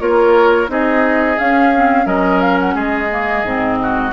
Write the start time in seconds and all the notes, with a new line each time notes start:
0.00 A#3 F4 A#4 C#5
0.68 C4 D#4 G#4 D#5
1.38 C#4 F5
1.76 C4
2.04 F#3 C#4 A#4 D#5
2.41 F5
2.60 F#5
2.74 G#3 G#4 D#5
3.10 A#3
3.44 G#2 C4
3.82 F#4